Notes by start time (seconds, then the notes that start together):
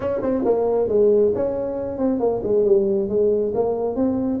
0.00 C#4
0.22 C4
0.44 A#3
0.88 G#3
1.34 C#4
1.98 C4
2.19 A#3
2.43 G#3
2.65 G3
3.08 G#3
3.54 A#3
3.95 C4